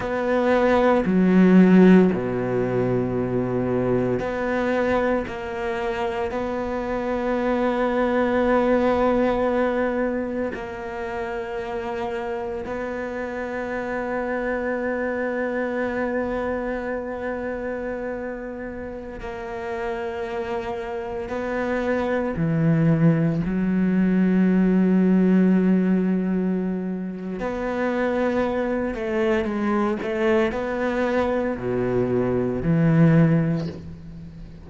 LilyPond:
\new Staff \with { instrumentName = "cello" } { \time 4/4 \tempo 4 = 57 b4 fis4 b,2 | b4 ais4 b2~ | b2 ais2 | b1~ |
b2~ b16 ais4.~ ais16~ | ais16 b4 e4 fis4.~ fis16~ | fis2 b4. a8 | gis8 a8 b4 b,4 e4 | }